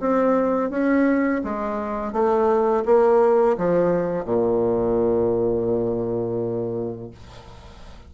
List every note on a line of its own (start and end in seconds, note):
0.00 0.70 C4
0.70 1.42 C#4
1.44 2.13 G#3
2.13 2.84 A3
2.86 3.57 A#3
3.58 4.25 F3
4.25 7.11 A#2